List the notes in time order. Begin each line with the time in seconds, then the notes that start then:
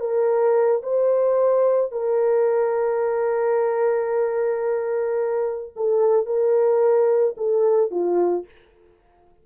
0.00 A#4
0.83 C5
1.91 A#4
5.76 A4
6.26 A#4
7.37 A4
7.90 F4